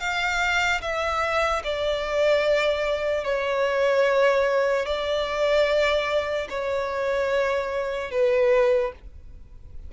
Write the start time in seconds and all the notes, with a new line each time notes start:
0.00 F5
0.82 E5
1.64 D5
3.24 C#5
4.86 D5
6.50 C#5
8.11 B4